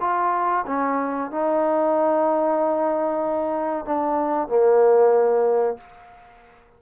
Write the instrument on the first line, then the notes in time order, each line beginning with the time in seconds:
trombone
0.00 F4
0.66 C#4
1.30 D#4
3.85 D4
4.48 A#3